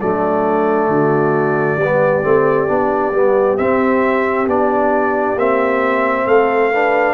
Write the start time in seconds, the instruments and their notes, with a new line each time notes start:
0.00 tuba F#3, trombone A3, horn D4, trumpet D5
0.88 tuba D3, horn F#4
1.76 tuba G3, trombone B3, horn G4
2.23 tuba A3, trombone C4
2.68 tuba B3, trombone D4
3.11 tuba G3, trombone B3
3.57 trombone C4, tuba C4, trumpet E5
4.47 tuba B3, trombone D4, trumpet D5
5.35 tuba A#3, trombone C4, trumpet E5
6.26 tuba A3, horn A4, trumpet F5
6.72 trombone D4, horn B4